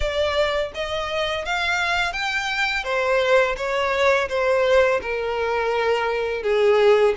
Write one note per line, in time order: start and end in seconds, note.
0.00 0.71 D5
0.74 1.45 D#5
1.45 2.12 F5
2.12 2.84 G5
2.84 3.55 C5
3.56 4.28 C#5
4.29 5.00 C5
5.01 6.43 A#4
6.43 7.14 G#4